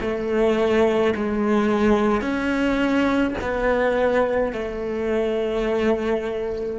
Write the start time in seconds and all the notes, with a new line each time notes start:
0.00 A3
1.15 G#3
2.21 C#4
3.41 B3
4.52 A3